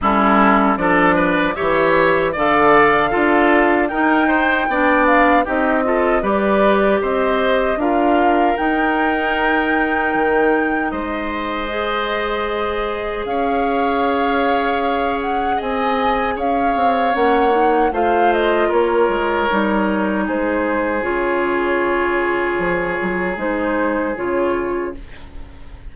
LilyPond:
<<
  \new Staff \with { instrumentName = "flute" } { \time 4/4 \tempo 4 = 77 a'4 d''4 e''4 f''4~ | f''4 g''4. f''8 dis''4 | d''4 dis''4 f''4 g''4~ | g''2 dis''2~ |
dis''4 f''2~ f''8 fis''8 | gis''4 f''4 fis''4 f''8 dis''8 | cis''2 c''4 cis''4~ | cis''2 c''4 cis''4 | }
  \new Staff \with { instrumentName = "oboe" } { \time 4/4 e'4 a'8 b'8 cis''4 d''4 | a'4 ais'8 c''8 d''4 g'8 a'8 | b'4 c''4 ais'2~ | ais'2 c''2~ |
c''4 cis''2. | dis''4 cis''2 c''4 | ais'2 gis'2~ | gis'1 | }
  \new Staff \with { instrumentName = "clarinet" } { \time 4/4 cis'4 d'4 g'4 a'4 | f'4 dis'4 d'4 dis'8 f'8 | g'2 f'4 dis'4~ | dis'2. gis'4~ |
gis'1~ | gis'2 cis'8 dis'8 f'4~ | f'4 dis'2 f'4~ | f'2 dis'4 f'4 | }
  \new Staff \with { instrumentName = "bassoon" } { \time 4/4 g4 f4 e4 d4 | d'4 dis'4 b4 c'4 | g4 c'4 d'4 dis'4~ | dis'4 dis4 gis2~ |
gis4 cis'2. | c'4 cis'8 c'8 ais4 a4 | ais8 gis8 g4 gis4 cis4~ | cis4 f8 fis8 gis4 cis4 | }
>>